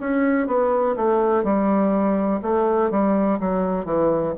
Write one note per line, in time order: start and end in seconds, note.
0.00 0.47 C#4
0.47 0.95 B3
0.96 1.44 A3
1.44 2.41 G3
2.42 2.91 A3
2.91 3.39 G3
3.40 3.85 F#3
3.85 4.33 E3